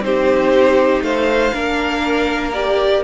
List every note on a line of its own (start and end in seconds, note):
0.00 1.00 C4
0.00 1.52 D#4
0.00 1.04 G4
0.00 1.02 C5
1.01 1.51 A3
1.01 1.53 C5
1.01 2.52 F5
1.52 3.04 A#3
1.52 2.52 D4
1.52 3.03 A#4
2.53 3.03 G4
2.53 3.03 D5